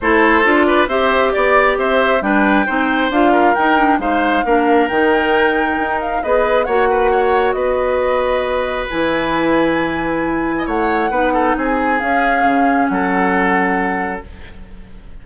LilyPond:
<<
  \new Staff \with { instrumentName = "flute" } { \time 4/4 \tempo 4 = 135 c''4. d''8 e''4 d''4 | e''4 g''2 f''4 | g''4 f''2 g''4~ | g''4. f''8 dis''4 fis''4~ |
fis''4 dis''2. | gis''1 | fis''2 gis''4 f''4~ | f''4 fis''2. | }
  \new Staff \with { instrumentName = "oboe" } { \time 4/4 a'4. b'8 c''4 d''4 | c''4 b'4 c''4. ais'8~ | ais'4 c''4 ais'2~ | ais'2 b'4 cis''8 b'8 |
cis''4 b'2.~ | b'2.~ b'8. dis''16 | cis''4 b'8 a'8 gis'2~ | gis'4 a'2. | }
  \new Staff \with { instrumentName = "clarinet" } { \time 4/4 e'4 f'4 g'2~ | g'4 d'4 dis'4 f'4 | dis'8 d'8 dis'4 d'4 dis'4~ | dis'2 gis'4 fis'4~ |
fis'1 | e'1~ | e'4 dis'2 cis'4~ | cis'1 | }
  \new Staff \with { instrumentName = "bassoon" } { \time 4/4 a4 d'4 c'4 b4 | c'4 g4 c'4 d'4 | dis'4 gis4 ais4 dis4~ | dis4 dis'4 b4 ais4~ |
ais4 b2. | e1 | a4 b4 c'4 cis'4 | cis4 fis2. | }
>>